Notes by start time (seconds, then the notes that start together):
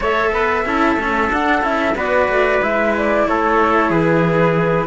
0.00 A3 A4 C#5 E5
0.33 B3 B4
0.65 C#4 E4 A4
0.96 A3 C#4
1.30 D4 F#5
1.61 C#4 E4 E5
1.95 B3 F#4 B4 D5
2.28 A3
2.62 G#3 E4 E5
2.97 D5
3.27 A3 A4 C#5
3.89 E3 G#4 B4